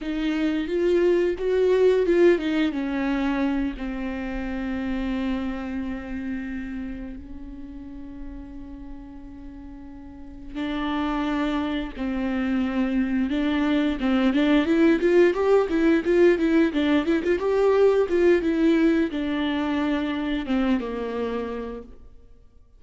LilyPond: \new Staff \with { instrumentName = "viola" } { \time 4/4 \tempo 4 = 88 dis'4 f'4 fis'4 f'8 dis'8 | cis'4. c'2~ c'8~ | c'2~ c'8 cis'4.~ | cis'2.~ cis'8 d'8~ |
d'4. c'2 d'8~ | d'8 c'8 d'8 e'8 f'8 g'8 e'8 f'8 | e'8 d'8 e'16 f'16 g'4 f'8 e'4 | d'2 c'8 ais4. | }